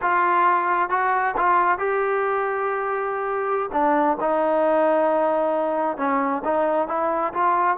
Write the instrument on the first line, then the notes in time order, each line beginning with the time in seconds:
trombone
0.01 F4
0.89 F#4
1.37 F4
1.78 G4
3.72 D4
4.20 D#4
5.97 C#4
6.44 D#4
6.88 E4
7.33 F4